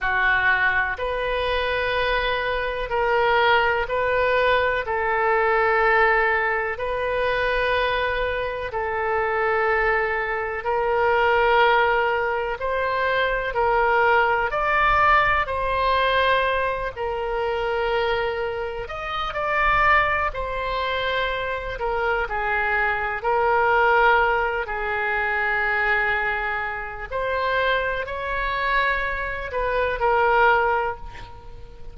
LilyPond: \new Staff \with { instrumentName = "oboe" } { \time 4/4 \tempo 4 = 62 fis'4 b'2 ais'4 | b'4 a'2 b'4~ | b'4 a'2 ais'4~ | ais'4 c''4 ais'4 d''4 |
c''4. ais'2 dis''8 | d''4 c''4. ais'8 gis'4 | ais'4. gis'2~ gis'8 | c''4 cis''4. b'8 ais'4 | }